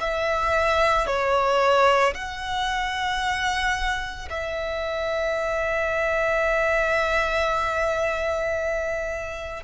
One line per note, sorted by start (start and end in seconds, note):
0.00 1.07 E5
1.07 2.14 C#5
2.14 4.29 F#5
4.30 9.64 E5